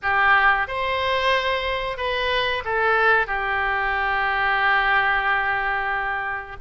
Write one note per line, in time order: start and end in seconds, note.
0.02 0.67 G4
0.67 1.97 C5
1.97 2.63 B4
2.65 3.26 A4
3.26 6.56 G4